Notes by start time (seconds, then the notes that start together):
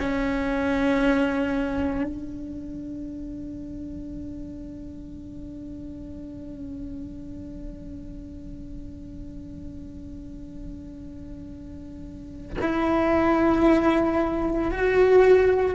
0.00 C#4
2.04 D4
12.61 E4
14.71 F#4